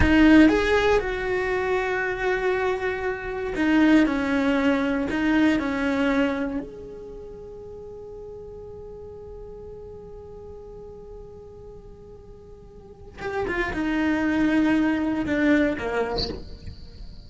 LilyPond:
\new Staff \with { instrumentName = "cello" } { \time 4/4 \tempo 4 = 118 dis'4 gis'4 fis'2~ | fis'2. dis'4 | cis'2 dis'4 cis'4~ | cis'4 gis'2.~ |
gis'1~ | gis'1~ | gis'2 g'8 f'8 dis'4~ | dis'2 d'4 ais4 | }